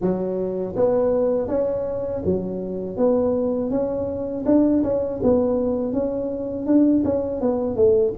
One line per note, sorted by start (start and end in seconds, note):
0.01 0.75 F#3
0.75 1.48 B3
1.48 2.22 C#4
2.24 2.96 F#3
2.96 3.70 B3
3.70 4.44 C#4
4.45 4.82 D4
4.83 5.20 C#4
5.22 5.92 B3
5.92 6.66 C#4
6.66 7.03 D4
7.04 7.41 C#4
7.41 7.76 B3
7.76 8.13 A3